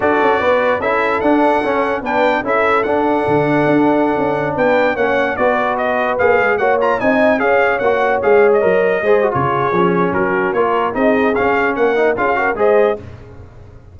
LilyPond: <<
  \new Staff \with { instrumentName = "trumpet" } { \time 4/4 \tempo 4 = 148 d''2 e''4 fis''4~ | fis''4 g''4 e''4 fis''4~ | fis''2.~ fis''16 g''8.~ | g''16 fis''4 d''4 dis''4 f''8.~ |
f''16 fis''8 ais''8 gis''4 f''4 fis''8.~ | fis''16 f''8. dis''2 cis''4~ | cis''4 ais'4 cis''4 dis''4 | f''4 fis''4 f''4 dis''4 | }
  \new Staff \with { instrumentName = "horn" } { \time 4/4 a'4 b'4 a'2~ | a'4 b'4 a'2~ | a'2.~ a'16 b'8.~ | b'16 cis''4 b'2~ b'8.~ |
b'16 cis''4 dis''4 cis''4.~ cis''16~ | cis''2~ cis''16 c''8. gis'4~ | gis'4 fis'4 ais'4 gis'4~ | gis'4 ais'4 gis'8 ais'8 c''4 | }
  \new Staff \with { instrumentName = "trombone" } { \time 4/4 fis'2 e'4 d'4 | cis'4 d'4 e'4 d'4~ | d'1~ | d'16 cis'4 fis'2 gis'8.~ |
gis'16 fis'8 f'8 dis'4 gis'4 fis'8.~ | fis'16 gis'4 ais'4 gis'8 fis'16 f'4 | cis'2 f'4 dis'4 | cis'4. dis'8 f'8 fis'8 gis'4 | }
  \new Staff \with { instrumentName = "tuba" } { \time 4/4 d'8 cis'8 b4 cis'4 d'4 | cis'4 b4 cis'4 d'4 | d4 d'4~ d'16 cis'4 b8.~ | b16 ais4 b2 ais8 gis16~ |
gis16 ais4 c'4 cis'4 ais8.~ | ais16 gis4 fis4 gis8. cis4 | f4 fis4 ais4 c'4 | cis'4 ais4 cis'4 gis4 | }
>>